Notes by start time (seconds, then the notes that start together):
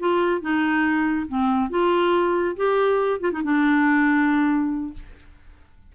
0.00 F4
0.41 D#4
1.28 C4
1.70 F4
2.57 G4
3.21 F4
3.32 D#4
3.44 D4